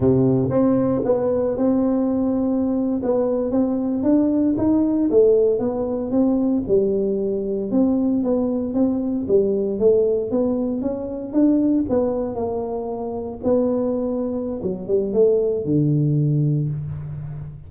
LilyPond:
\new Staff \with { instrumentName = "tuba" } { \time 4/4 \tempo 4 = 115 c4 c'4 b4 c'4~ | c'4.~ c'16 b4 c'4 d'16~ | d'8. dis'4 a4 b4 c'16~ | c'8. g2 c'4 b16~ |
b8. c'4 g4 a4 b16~ | b8. cis'4 d'4 b4 ais16~ | ais4.~ ais16 b2~ b16 | fis8 g8 a4 d2 | }